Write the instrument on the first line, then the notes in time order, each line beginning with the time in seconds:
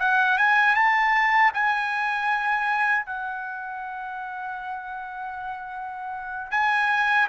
trumpet
0.00 F#5
0.38 G#5
0.75 A5
1.54 G#5
3.06 F#5
6.51 G#5